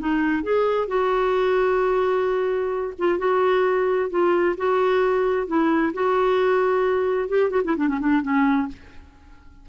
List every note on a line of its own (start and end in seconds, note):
0.00 0.44 D#4
0.44 0.88 G#4
0.88 2.94 F#4
2.99 3.19 F4
3.19 4.10 F#4
4.10 4.56 F4
4.58 5.48 F#4
5.48 5.93 E4
5.94 7.29 F#4
7.29 7.51 G4
7.51 7.62 F#4
7.65 7.76 E4
7.77 7.88 D4
7.88 8.00 C#4
8.00 8.22 D4
8.22 8.68 C#4